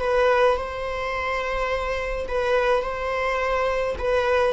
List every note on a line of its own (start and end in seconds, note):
0.00 0.57 B4
0.57 2.26 C5
2.27 2.82 B4
2.82 3.95 C5
3.98 4.53 B4